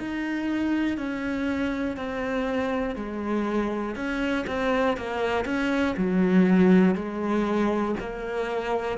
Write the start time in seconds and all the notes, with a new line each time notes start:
0.00 D#4
0.98 C#4
1.97 C4
2.96 G#3
3.96 C#4
4.47 C4
4.98 A#3
5.45 C#4
5.98 F#3
6.95 G#3
8.00 A#3